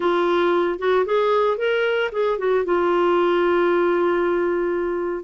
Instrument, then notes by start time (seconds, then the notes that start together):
clarinet
0.00 F4
0.78 F#4
1.05 G#4
1.57 A#4
2.12 G#4
2.38 F#4
2.65 F4